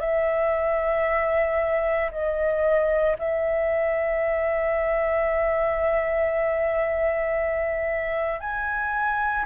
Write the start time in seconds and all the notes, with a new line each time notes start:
0.00 E5
2.11 D#5
3.19 E5
8.40 G#5